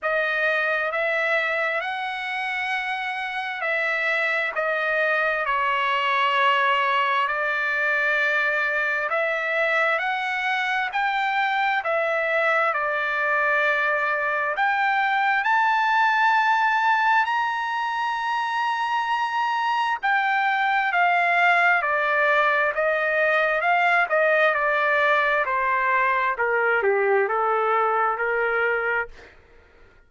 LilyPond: \new Staff \with { instrumentName = "trumpet" } { \time 4/4 \tempo 4 = 66 dis''4 e''4 fis''2 | e''4 dis''4 cis''2 | d''2 e''4 fis''4 | g''4 e''4 d''2 |
g''4 a''2 ais''4~ | ais''2 g''4 f''4 | d''4 dis''4 f''8 dis''8 d''4 | c''4 ais'8 g'8 a'4 ais'4 | }